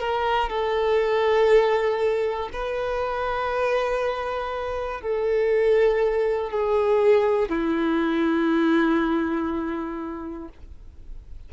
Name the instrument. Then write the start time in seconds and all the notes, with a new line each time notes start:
violin
0.00 A#4
0.50 A4
2.54 B4
5.02 A4
6.51 G#4
7.50 E4